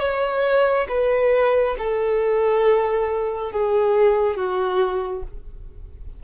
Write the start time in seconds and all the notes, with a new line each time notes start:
0.00 C#5
0.89 B4
1.78 A4
3.52 G#4
4.36 F#4